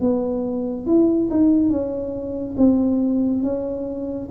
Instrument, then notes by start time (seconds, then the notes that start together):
tuba
0.00 B3
0.86 E4
1.30 D#4
1.69 C#4
2.57 C4
3.42 C#4